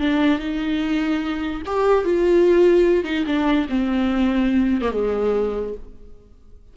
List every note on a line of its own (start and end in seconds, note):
0.00 0.39 D4
0.39 1.62 D#4
1.66 2.05 G4
2.05 3.04 F4
3.04 3.25 D#4
3.26 3.67 D4
3.69 4.82 C4
4.82 4.92 A#3
4.92 5.74 G#3